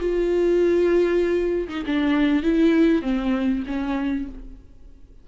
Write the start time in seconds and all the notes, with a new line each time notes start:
0.00 F4
1.69 D#4
1.86 D4
2.43 E4
3.03 C4
3.67 C#4